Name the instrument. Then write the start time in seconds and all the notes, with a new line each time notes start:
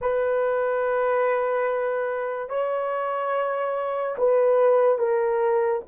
horn
0.01 B4
2.49 C#5
4.18 B4
4.98 A#4